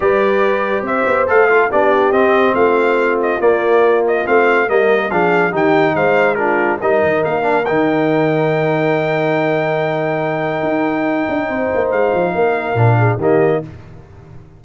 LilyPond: <<
  \new Staff \with { instrumentName = "trumpet" } { \time 4/4 \tempo 4 = 141 d''2 e''4 f''4 | d''4 dis''4 f''4. dis''8 | d''4. dis''8 f''4 dis''4 | f''4 g''4 f''4 ais'4 |
dis''4 f''4 g''2~ | g''1~ | g''1 | f''2. dis''4 | }
  \new Staff \with { instrumentName = "horn" } { \time 4/4 b'2 c''4. a'8 | g'2 f'2~ | f'2. ais'4 | gis'4 g'4 c''4 f'4 |
ais'1~ | ais'1~ | ais'2. c''4~ | c''4 ais'4. gis'8 g'4 | }
  \new Staff \with { instrumentName = "trombone" } { \time 4/4 g'2. a'8 f'8 | d'4 c'2. | ais2 c'4 ais4 | d'4 dis'2 d'4 |
dis'4. d'8 dis'2~ | dis'1~ | dis'1~ | dis'2 d'4 ais4 | }
  \new Staff \with { instrumentName = "tuba" } { \time 4/4 g2 c'8 b8 a4 | b4 c'4 a2 | ais2 a4 g4 | f4 dis4 gis2 |
g8 dis8 ais4 dis2~ | dis1~ | dis4 dis'4. d'8 c'8 ais8 | gis8 f8 ais4 ais,4 dis4 | }
>>